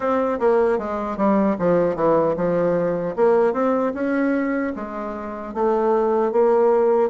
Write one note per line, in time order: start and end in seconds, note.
0.00 0.39 C4
0.39 0.78 A#3
0.78 1.17 G#3
1.17 1.56 G3
1.59 1.95 F3
1.95 2.35 E3
2.36 3.15 F3
3.16 3.53 A#3
3.53 3.93 C4
3.94 4.73 C#4
4.75 5.54 G#3
5.54 6.32 A3
6.32 7.09 A#3